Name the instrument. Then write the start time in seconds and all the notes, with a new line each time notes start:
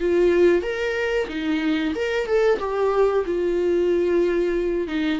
viola
0.00 F4
0.62 A#4
1.29 D#4
1.95 A#4
2.26 A4
2.59 G4
3.25 F4
4.88 D#4